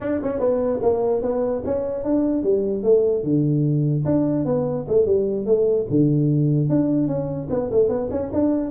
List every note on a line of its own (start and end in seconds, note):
0.01 0.21 D4
0.22 0.39 C#4
0.39 0.80 B3
0.82 1.22 A#3
1.22 1.62 B3
1.65 2.04 C#4
2.04 2.43 D4
2.43 2.83 G3
2.83 3.23 A3
3.23 4.04 D3
4.05 4.45 D4
4.45 4.85 B3
4.88 5.05 A3
5.05 5.46 G3
5.46 5.86 A3
5.89 6.69 D3
6.69 7.07 D4
7.07 7.48 C#4
7.49 7.70 B3
7.71 7.89 A3
7.89 8.09 B3
8.11 8.31 C#4
8.33 8.71 D4